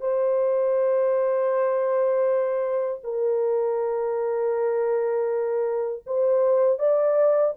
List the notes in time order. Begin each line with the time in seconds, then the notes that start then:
0.00 C5
3.03 A#4
6.06 C5
6.78 D5